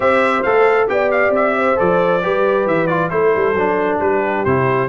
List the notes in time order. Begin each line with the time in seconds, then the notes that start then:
0.00 C4 G4 C5 E5
0.43 A3 A4 F5
0.88 B3 G4 D5 G5
1.11 F5
1.29 C4 E5
1.56 C5
1.75 F3 A4 D5
2.22 G3 G4 B4
2.66 E3 E5
2.86 F4 D5
3.10 A3 E4 A4 C5
3.35 G3
3.53 F#3 D4
4.00 G3 G4 B4
4.44 C3 E4 C5